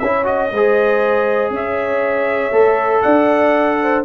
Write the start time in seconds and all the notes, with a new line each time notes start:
0.00 C#4 E4 C#5 E5
0.25 F#4 D#5
0.52 G#3 G#4 C5
1.51 C#4 C#5 E5
2.52 A3 A4
3.02 D4 D5 F#5
3.82 C5